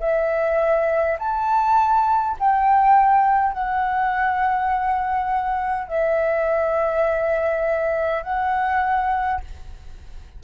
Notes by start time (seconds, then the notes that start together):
0.00 E5
1.19 A5
2.40 G5
3.53 F#5
5.88 E5
8.23 F#5